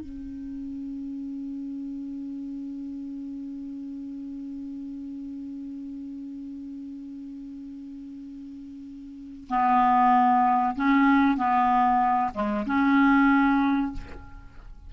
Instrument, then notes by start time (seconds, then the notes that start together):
clarinet
0.00 C#4
9.49 B3
10.75 C#4
11.37 B3
12.34 G#3
12.66 C#4